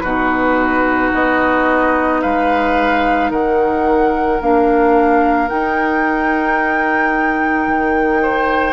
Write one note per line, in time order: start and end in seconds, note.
0.00 1.12 B2
0.00 4.40 D#4
0.00 2.21 F#4
0.00 1.09 B4
1.13 2.22 B3
1.13 2.21 D#5
2.21 3.30 G#3
2.21 3.30 B4
2.21 3.30 F5
3.30 4.39 D#3
3.30 8.21 A#4
3.30 4.41 F#5
4.40 5.50 A#3
4.40 5.48 D4
4.40 5.48 F5
5.48 8.73 D#4
5.48 7.67 D#4
5.48 8.73 G5
7.67 8.73 D#3
8.22 8.73 C5